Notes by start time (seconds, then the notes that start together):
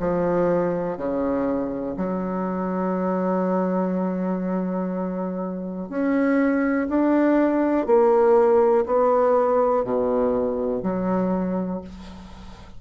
0.00 F3
0.98 C#3
1.97 F#3
5.90 C#4
6.90 D4
7.87 A#3
8.87 B3
9.85 B2
10.83 F#3